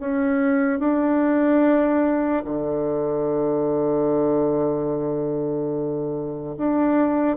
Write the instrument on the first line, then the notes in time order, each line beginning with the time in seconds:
bassoon
0.00 C#4
0.80 D4
2.45 D3
6.58 D4